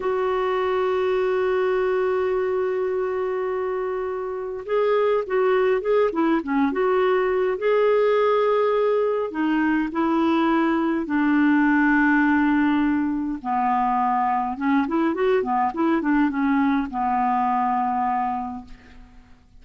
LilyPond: \new Staff \with { instrumentName = "clarinet" } { \time 4/4 \tempo 4 = 103 fis'1~ | fis'1 | gis'4 fis'4 gis'8 e'8 cis'8 fis'8~ | fis'4 gis'2. |
dis'4 e'2 d'4~ | d'2. b4~ | b4 cis'8 e'8 fis'8 b8 e'8 d'8 | cis'4 b2. | }